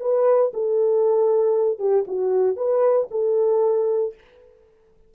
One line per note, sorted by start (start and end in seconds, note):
0.00 0.52 B4
0.54 1.79 A4
1.79 2.05 G4
2.07 2.56 F#4
2.56 3.08 B4
3.11 4.14 A4